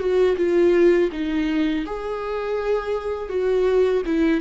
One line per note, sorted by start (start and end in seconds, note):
0.00 0.37 F#4
0.37 1.10 F4
1.12 1.86 D#4
1.86 3.30 G#4
3.30 4.03 F#4
4.06 4.41 E4